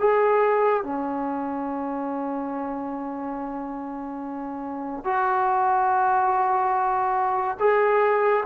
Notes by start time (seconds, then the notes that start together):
0.00 G#4
0.84 C#4
5.04 F#4
7.60 G#4